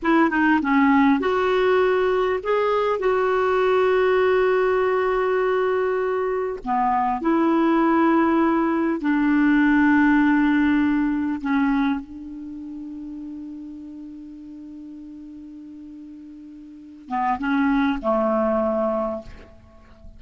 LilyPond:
\new Staff \with { instrumentName = "clarinet" } { \time 4/4 \tempo 4 = 100 e'8 dis'8 cis'4 fis'2 | gis'4 fis'2.~ | fis'2. b4 | e'2. d'4~ |
d'2. cis'4 | d'1~ | d'1~ | d'8 b8 cis'4 a2 | }